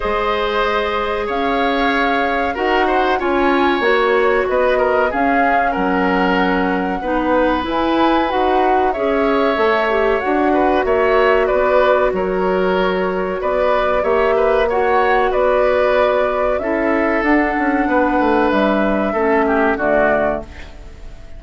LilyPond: <<
  \new Staff \with { instrumentName = "flute" } { \time 4/4 \tempo 4 = 94 dis''2 f''2 | fis''4 gis''4 cis''4 dis''4 | f''4 fis''2. | gis''4 fis''4 e''2 |
fis''4 e''4 d''4 cis''4~ | cis''4 d''4 e''4 fis''4 | d''2 e''4 fis''4~ | fis''4 e''2 d''4 | }
  \new Staff \with { instrumentName = "oboe" } { \time 4/4 c''2 cis''2 | ais'8 c''8 cis''2 b'8 ais'8 | gis'4 ais'2 b'4~ | b'2 cis''2~ |
cis''8 b'8 cis''4 b'4 ais'4~ | ais'4 b'4 cis''8 b'8 cis''4 | b'2 a'2 | b'2 a'8 g'8 fis'4 | }
  \new Staff \with { instrumentName = "clarinet" } { \time 4/4 gis'1 | fis'4 f'4 fis'2 | cis'2. dis'4 | e'4 fis'4 gis'4 a'8 g'8 |
fis'1~ | fis'2 g'4 fis'4~ | fis'2 e'4 d'4~ | d'2 cis'4 a4 | }
  \new Staff \with { instrumentName = "bassoon" } { \time 4/4 gis2 cis'2 | dis'4 cis'4 ais4 b4 | cis'4 fis2 b4 | e'4 dis'4 cis'4 a4 |
d'4 ais4 b4 fis4~ | fis4 b4 ais2 | b2 cis'4 d'8 cis'8 | b8 a8 g4 a4 d4 | }
>>